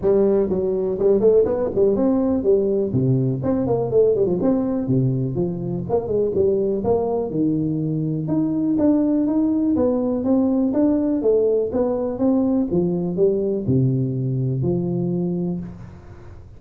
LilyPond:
\new Staff \with { instrumentName = "tuba" } { \time 4/4 \tempo 4 = 123 g4 fis4 g8 a8 b8 g8 | c'4 g4 c4 c'8 ais8 | a8 g16 f16 c'4 c4 f4 | ais8 gis8 g4 ais4 dis4~ |
dis4 dis'4 d'4 dis'4 | b4 c'4 d'4 a4 | b4 c'4 f4 g4 | c2 f2 | }